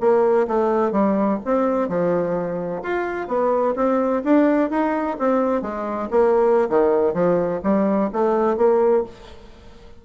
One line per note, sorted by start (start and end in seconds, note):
0.00 0.47 A#3
0.47 0.92 A3
0.92 1.39 G3
1.45 1.88 C4
1.88 2.82 F3
2.83 3.27 F4
3.27 3.74 B3
3.76 4.23 C4
4.24 4.70 D4
4.70 5.17 D#4
5.19 5.62 C4
5.62 6.09 G#3
6.10 6.69 A#3
6.69 7.14 D#3
7.14 7.60 F3
7.63 8.10 G3
8.12 8.57 A3
8.57 9.04 A#3